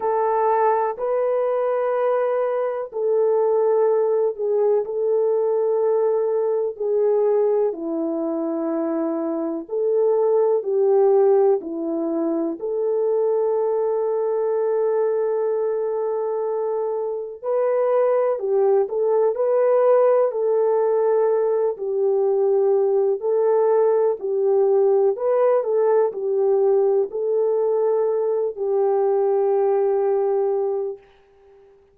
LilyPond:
\new Staff \with { instrumentName = "horn" } { \time 4/4 \tempo 4 = 62 a'4 b'2 a'4~ | a'8 gis'8 a'2 gis'4 | e'2 a'4 g'4 | e'4 a'2.~ |
a'2 b'4 g'8 a'8 | b'4 a'4. g'4. | a'4 g'4 b'8 a'8 g'4 | a'4. g'2~ g'8 | }